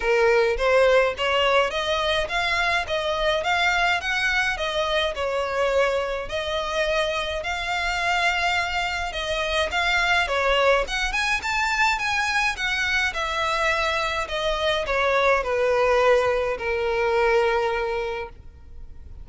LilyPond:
\new Staff \with { instrumentName = "violin" } { \time 4/4 \tempo 4 = 105 ais'4 c''4 cis''4 dis''4 | f''4 dis''4 f''4 fis''4 | dis''4 cis''2 dis''4~ | dis''4 f''2. |
dis''4 f''4 cis''4 fis''8 gis''8 | a''4 gis''4 fis''4 e''4~ | e''4 dis''4 cis''4 b'4~ | b'4 ais'2. | }